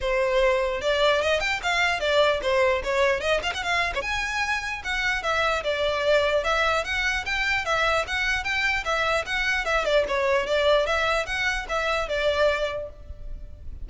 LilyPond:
\new Staff \with { instrumentName = "violin" } { \time 4/4 \tempo 4 = 149 c''2 d''4 dis''8 g''8 | f''4 d''4 c''4 cis''4 | dis''8 f''16 fis''16 f''8. cis''16 gis''2 | fis''4 e''4 d''2 |
e''4 fis''4 g''4 e''4 | fis''4 g''4 e''4 fis''4 | e''8 d''8 cis''4 d''4 e''4 | fis''4 e''4 d''2 | }